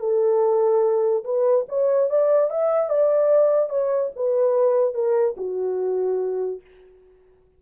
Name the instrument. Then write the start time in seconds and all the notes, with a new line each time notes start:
horn
0.00 A4
1.25 B4
1.69 C#5
2.10 D5
2.51 E5
2.90 D5
3.70 C#5
4.16 B4
4.95 A#4
5.37 F#4